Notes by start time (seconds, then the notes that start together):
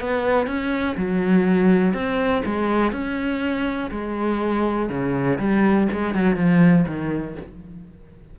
0.00 B3
0.46 C#4
0.96 F#3
1.94 C4
2.45 G#3
2.92 C#4
3.90 G#3
4.89 C#3
5.39 G3
5.92 G#3
6.14 F#3
6.36 F3
6.87 D#3